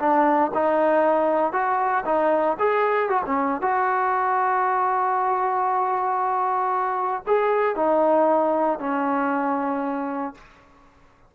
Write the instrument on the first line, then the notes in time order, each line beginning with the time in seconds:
trombone
0.00 D4
0.55 D#4
1.53 F#4
2.06 D#4
2.59 G#4
3.10 F#4
3.26 C#4
3.62 F#4
7.27 G#4
7.76 D#4
8.80 C#4